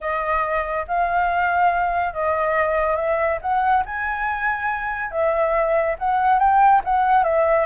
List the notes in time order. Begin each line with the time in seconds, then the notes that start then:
0.00 D#5
0.87 F5
2.13 D#5
2.96 E5
3.41 F#5
3.85 G#5
5.11 E5
5.98 F#5
6.39 G5
6.84 F#5
7.23 E5